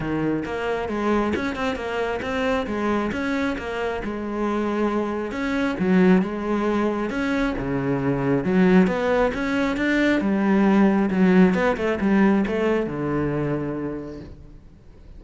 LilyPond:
\new Staff \with { instrumentName = "cello" } { \time 4/4 \tempo 4 = 135 dis4 ais4 gis4 cis'8 c'8 | ais4 c'4 gis4 cis'4 | ais4 gis2. | cis'4 fis4 gis2 |
cis'4 cis2 fis4 | b4 cis'4 d'4 g4~ | g4 fis4 b8 a8 g4 | a4 d2. | }